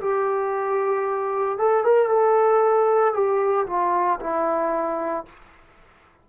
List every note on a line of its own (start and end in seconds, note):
0.00 1.58 G4
1.58 1.84 A4
1.84 2.09 A#4
2.09 3.14 A4
3.14 3.67 G4
3.67 4.19 F4
4.21 5.26 E4